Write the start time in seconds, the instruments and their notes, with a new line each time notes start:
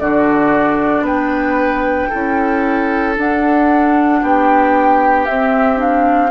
0.00 bassoon D3, clarinet D4, oboe F#4, flute D5
1.01 bassoon B3, oboe B4, flute G5
2.10 bassoon C#4, clarinet E4, oboe A4
3.16 clarinet D4, bassoon D4, flute F#5
4.22 bassoon B3, oboe G4, flute G5
5.26 bassoon C4, clarinet C4, flute E5
5.76 clarinet D4, flute F5